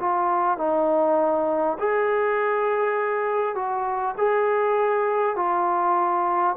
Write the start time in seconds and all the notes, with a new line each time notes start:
0.00 F4
0.58 D#4
1.79 G#4
3.56 F#4
4.18 G#4
5.36 F4